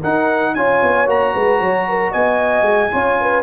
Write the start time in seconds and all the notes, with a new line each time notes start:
0.00 D#4 A#4 F#5
0.54 C#4 F4 C#5 G#5
0.83 B3
1.06 A#3 F#4 A#5
1.34 G#3 B4
1.59 F#3 C#5
1.88 A#4
2.11 B3 D#5 G#5
2.62 G#3
2.91 C#4 F4 C#5
3.20 B4